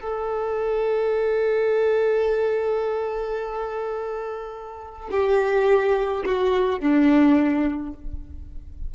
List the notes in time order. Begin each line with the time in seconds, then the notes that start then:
0.00 A4
5.11 G4
6.25 F#4
6.80 D4